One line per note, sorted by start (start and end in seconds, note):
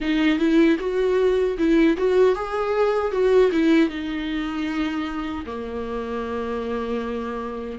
0.00 0.39 D#4
0.39 0.78 E4
0.79 1.57 F#4
1.58 1.97 E4
1.97 2.35 F#4
2.35 3.11 G#4
3.11 3.50 F#4
3.51 3.89 E4
3.89 5.44 D#4
5.45 7.79 A#3